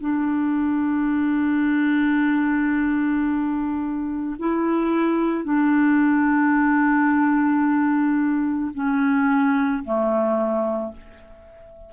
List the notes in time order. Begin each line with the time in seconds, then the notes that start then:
0.00 D4
4.39 E4
5.44 D4
8.74 C#4
9.84 A3